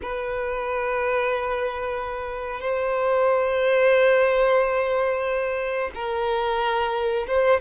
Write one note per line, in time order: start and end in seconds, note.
0.01 2.60 B4
2.60 5.90 C5
5.95 7.26 A#4
7.27 7.60 C5